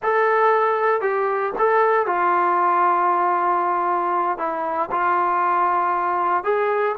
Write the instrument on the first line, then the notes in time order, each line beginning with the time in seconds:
trombone
0.02 A4
1.01 G4
1.58 A4
2.06 F4
4.38 E4
4.91 F4
6.43 G#4